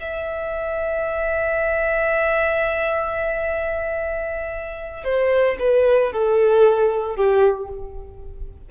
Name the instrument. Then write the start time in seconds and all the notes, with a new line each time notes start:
violin
0.00 E5
5.04 C5
5.59 B4
6.13 A4
7.16 G4